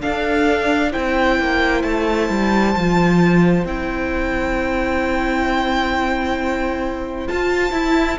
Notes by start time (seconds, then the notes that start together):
0.00 D4 A4 F5
0.91 C4 E4 C5 G5
1.40 A#3
1.83 A3 A5
2.30 G3
2.76 F3 F4
3.65 C4 E4 G5
7.28 F4 A5
7.72 E4